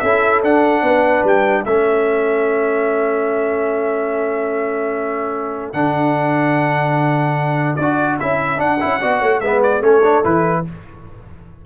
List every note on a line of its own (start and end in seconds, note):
0.00 0.43 C#4
0.00 0.45 E4
0.00 0.84 A4
0.00 0.41 E5
0.43 0.83 D4
0.43 1.67 D4
0.43 1.26 F#5
0.83 1.23 B3
0.83 1.66 B4
1.24 1.65 G3
1.24 1.65 G5
1.65 5.73 A3
1.65 5.74 C#4
1.65 9.01 A4
1.65 5.73 E5
5.73 7.78 D3
5.73 7.78 D4
5.73 7.76 F#5
7.76 8.19 D4
7.76 8.17 D5
7.82 8.20 F#4
8.20 8.62 C#4
8.20 8.57 E4
8.20 8.60 E5
8.57 8.78 D4
8.57 8.83 D4
8.57 9.41 F#5
8.80 9.03 C#4
8.80 9.01 E4
9.01 9.22 B3
9.01 9.42 F#4
9.01 9.20 D5
9.20 9.42 A3
9.20 9.41 C#5
9.41 9.82 G#3
9.41 9.82 B3
9.41 9.83 B4
9.41 9.61 E5
9.63 9.84 D5
9.82 10.22 A3
9.82 10.02 C#4
9.82 10.65 A4
9.82 10.25 C#5
10.04 10.24 D4
10.24 10.66 E3
10.24 10.65 E4
10.24 10.65 B4